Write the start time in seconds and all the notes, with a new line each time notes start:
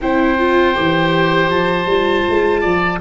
0.01 C4 E4 C5 G5
0.38 F4
0.74 E3 G4
1.49 F3 A5
1.86 G3 F4
2.29 G#3
2.60 F3 D5